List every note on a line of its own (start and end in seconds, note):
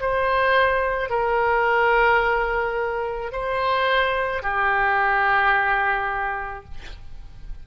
0.00 1.10 C5
1.10 3.32 A#4
3.32 4.42 C5
4.42 6.64 G4